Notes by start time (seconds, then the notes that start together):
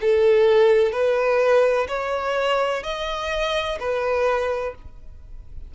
0.00 A4
0.91 B4
1.87 C#5
2.83 D#5
3.79 B4